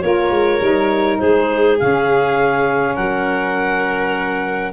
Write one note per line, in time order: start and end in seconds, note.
0.00 0.30 A#3
0.00 0.60 F4
0.00 1.21 A#4
0.00 1.18 C#5
0.30 0.60 G#3
0.60 1.19 G3
0.60 1.78 D#4
1.19 1.80 G#3
1.19 2.95 G#4
1.19 1.78 C5
1.78 2.97 C#3
1.78 4.72 C#4
1.78 2.95 F5
2.95 4.73 F#3
2.95 4.72 A#4
2.95 4.72 F#5